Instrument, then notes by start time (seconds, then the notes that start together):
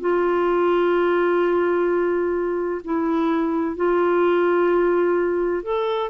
clarinet
0.00 F4
2.84 E4
3.76 F4
5.63 A4